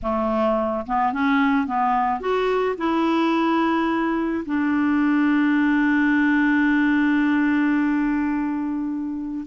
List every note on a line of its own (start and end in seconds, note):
0.02 0.85 A3
0.86 1.12 B3
1.12 1.66 C#4
1.66 2.20 B3
2.20 2.76 F#4
2.77 4.44 E4
4.45 9.45 D4